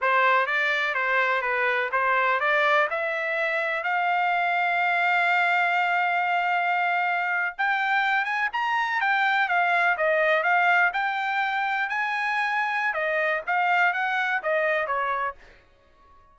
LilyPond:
\new Staff \with { instrumentName = "trumpet" } { \time 4/4 \tempo 4 = 125 c''4 d''4 c''4 b'4 | c''4 d''4 e''2 | f''1~ | f''2.~ f''8. g''16~ |
g''4~ g''16 gis''8 ais''4 g''4 f''16~ | f''8. dis''4 f''4 g''4~ g''16~ | g''8. gis''2~ gis''16 dis''4 | f''4 fis''4 dis''4 cis''4 | }